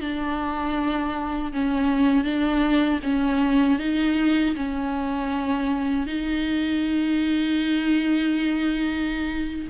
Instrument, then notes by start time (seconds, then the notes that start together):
viola
0.00 D4
1.52 C#4
2.24 D4
3.03 C#4
3.79 D#4
4.55 C#4
6.06 D#4